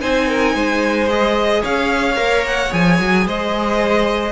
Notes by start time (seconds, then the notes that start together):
0.00 C4 D#4 C5 G#5
0.28 A#4
0.55 G#3 C5
1.09 G#4 D#5
1.61 C#4 C#5 F5
2.16 A#3 A#4
2.46 F#5
2.70 F3 G#4 G#5
2.99 F#3
3.26 G#3 C5 D#5